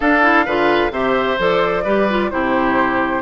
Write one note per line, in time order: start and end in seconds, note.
0.00 0.47 D4
0.00 0.22 D4
0.00 0.45 A4
0.00 0.92 F5
0.22 0.45 E4
0.45 0.90 D3
0.45 0.91 F4
0.45 0.91 B4
0.90 1.36 C3
0.90 1.37 G4
0.90 1.84 C5
0.90 1.38 E5
1.38 1.85 F3
1.38 1.84 A4
1.38 2.30 D5
1.84 2.31 G3
1.84 2.08 G4
1.84 2.30 B4
2.09 2.31 F4
2.30 3.22 C3
2.30 3.22 E4
2.30 3.22 G4
2.30 3.22 C5